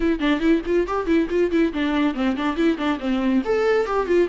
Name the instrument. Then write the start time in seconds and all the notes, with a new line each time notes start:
viola
0.00 E4
0.19 D4
0.40 E4
0.65 F4
0.87 G4
1.06 E4
1.30 F4
1.51 E4
1.73 D4
2.14 C4
2.36 D4
2.56 E4
2.77 D4
2.99 C4
3.44 A4
3.86 G4
4.06 F4